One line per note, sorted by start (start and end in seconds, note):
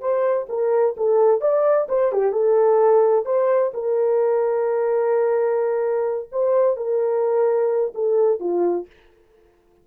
0.00 0.47 C5
0.49 0.95 A#4
0.97 1.41 A4
1.41 1.87 D5
1.89 2.12 C5
2.12 2.32 G4
2.32 3.25 A4
3.25 3.72 C5
3.74 6.29 A#4
6.32 6.77 C5
6.77 7.93 A#4
7.95 8.40 A4
8.40 8.86 F4